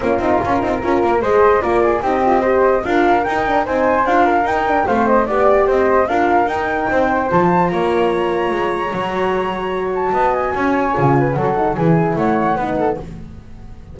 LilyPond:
<<
  \new Staff \with { instrumentName = "flute" } { \time 4/4 \tempo 4 = 148 ais'2. dis''4 | d''4 dis''2 f''4 | g''4 gis''4 f''4 g''4 | f''8 dis''8 d''4 dis''4 f''4 |
g''2 a''4 ais''4~ | ais''1~ | ais''8 a''4 gis''2~ gis''8 | fis''4 gis''4 fis''2 | }
  \new Staff \with { instrumentName = "flute" } { \time 4/4 f'2 ais'4 c''4 | ais'8 gis'8 g'4 c''4 ais'4~ | ais'4 c''4. ais'4. | c''4 d''4 c''4 ais'4~ |
ais'4 c''2 cis''4~ | cis''1~ | cis''4 dis''4 cis''4. b'8 | a'4 gis'4 cis''4 b'8 a'8 | }
  \new Staff \with { instrumentName = "horn" } { \time 4/4 cis'8 dis'8 f'8 dis'8 f'4 gis'4 | f'4 dis'8 f'8 g'4 f'4 | dis'8 d'8 dis'4 f'4 dis'8 d'8 | c'4 g'2 f'4 |
dis'2 f'2~ | f'2 fis'2~ | fis'2. f'4 | cis'8 dis'8 e'2 dis'4 | }
  \new Staff \with { instrumentName = "double bass" } { \time 4/4 ais8 c'8 cis'8 c'8 cis'8 ais8 gis4 | ais4 c'2 d'4 | dis'4 c'4 d'4 dis'4 | a4 b4 c'4 d'4 |
dis'4 c'4 f4 ais4~ | ais4 gis4 fis2~ | fis4 b4 cis'4 cis4 | fis4 e4 a4 b4 | }
>>